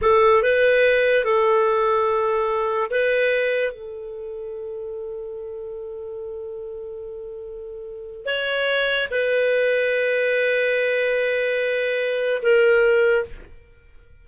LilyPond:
\new Staff \with { instrumentName = "clarinet" } { \time 4/4 \tempo 4 = 145 a'4 b'2 a'4~ | a'2. b'4~ | b'4 a'2.~ | a'1~ |
a'1 | cis''2 b'2~ | b'1~ | b'2 ais'2 | }